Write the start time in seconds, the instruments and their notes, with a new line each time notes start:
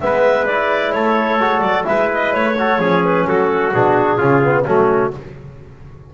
0.00 double bass G#3, trombone B3, trumpet B4, clarinet E5
0.46 trombone E4, clarinet D5
0.93 double bass A3, trumpet A4, clarinet C#5
1.40 double bass G#3, trombone F#4
1.61 double bass F#3, clarinet D5
1.85 double bass G#3, trombone E4, trumpet B4, clarinet E5
2.14 clarinet D#5
2.34 double bass A3, clarinet C#5
2.58 trombone F#4, trumpet A4
2.79 double bass F3, trombone C#4, trumpet G#4
3.05 clarinet B4
3.26 double bass F#3, trumpet F#4, clarinet A4
3.73 double bass B2, trombone D4, clarinet G#4
4.18 double bass C#3, trombone C#4, trumpet F4
4.44 trombone B3
4.65 double bass F#3, trombone A3, trumpet C#4, clarinet F#4